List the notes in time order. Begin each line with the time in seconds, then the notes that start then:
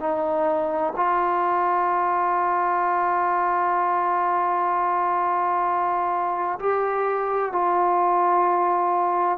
0.00 D#4
0.97 F4
6.60 G4
7.53 F4